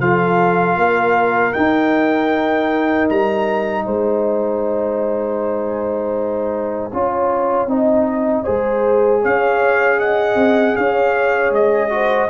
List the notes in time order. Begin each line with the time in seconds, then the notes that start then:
0.00 F3 F4 A4 F5
0.77 A#3 A#4
1.53 D#4 G5
3.09 G3 A#5
3.85 G#3 C5 G#5
6.92 C#4 F4 C#5
7.67 C4 D#4 D#5
8.44 G#3 G#4 C5
9.22 C#4 C#5 F5
9.99 D#5 F#5
10.36 C4
10.76 C#4 C#5 F5
11.51 G#3 D#5
11.90 F#4 C5